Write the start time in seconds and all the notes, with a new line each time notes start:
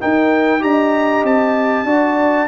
0.00 D#4 A#4 G5
0.61 D4 G4 D#5 A#5
1.24 C4 A5
1.85 D4 F#4 D5